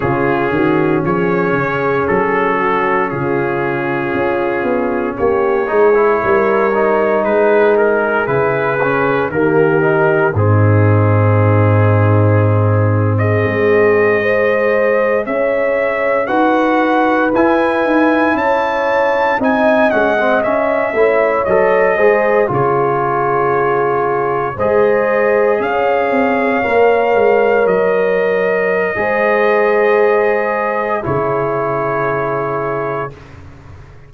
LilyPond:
<<
  \new Staff \with { instrumentName = "trumpet" } { \time 4/4 \tempo 4 = 58 gis'4 cis''4 a'4 gis'4~ | gis'4 cis''2 b'8 ais'8 | b'4 ais'4 gis'2~ | gis'8. dis''2 e''4 fis''16~ |
fis''8. gis''4 a''4 gis''8 fis''8 e''16~ | e''8. dis''4 cis''2 dis''16~ | dis''8. f''2 dis''4~ dis''16~ | dis''2 cis''2 | }
  \new Staff \with { instrumentName = "horn" } { \time 4/4 f'8 fis'8 gis'4. fis'8 f'4~ | f'4 g'8 gis'8 ais'4 gis'4~ | gis'4 g'4 dis'2~ | dis'8. gis'4 c''4 cis''4 b'16~ |
b'4.~ b'16 cis''4 dis''4~ dis''16~ | dis''16 cis''4 c''8 gis'2 c''16~ | c''8. cis''2.~ cis''16 | c''2 gis'2 | }
  \new Staff \with { instrumentName = "trombone" } { \time 4/4 cis'1~ | cis'4. dis'16 e'8. dis'4. | e'8 cis'8 ais8 dis'8 c'2~ | c'4.~ c'16 gis'2 fis'16~ |
fis'8. e'2 dis'8 cis'16 c'16 cis'16~ | cis'16 e'8 a'8 gis'8 f'2 gis'16~ | gis'4.~ gis'16 ais'2~ ais'16 | gis'2 e'2 | }
  \new Staff \with { instrumentName = "tuba" } { \time 4/4 cis8 dis8 f8 cis8 fis4 cis4 | cis'8 b8 ais8 gis8 g4 gis4 | cis4 dis4 gis,2~ | gis,4 gis4.~ gis16 cis'4 dis'16~ |
dis'8. e'8 dis'8 cis'4 c'8 gis8 cis'16~ | cis'16 a8 fis8 gis8 cis2 gis16~ | gis8. cis'8 c'8 ais8 gis8 fis4~ fis16 | gis2 cis2 | }
>>